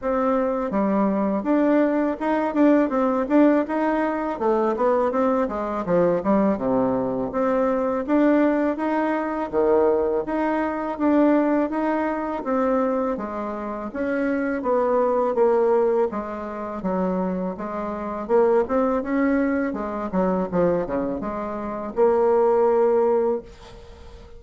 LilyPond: \new Staff \with { instrumentName = "bassoon" } { \time 4/4 \tempo 4 = 82 c'4 g4 d'4 dis'8 d'8 | c'8 d'8 dis'4 a8 b8 c'8 gis8 | f8 g8 c4 c'4 d'4 | dis'4 dis4 dis'4 d'4 |
dis'4 c'4 gis4 cis'4 | b4 ais4 gis4 fis4 | gis4 ais8 c'8 cis'4 gis8 fis8 | f8 cis8 gis4 ais2 | }